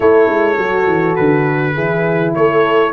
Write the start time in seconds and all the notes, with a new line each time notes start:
0.00 A3 E4 A4 C#5
0.29 G#3
0.57 F#3 F#4
0.86 E3
1.15 D3 B4
1.74 E3 E4 G#4
2.35 A3 A4 C#5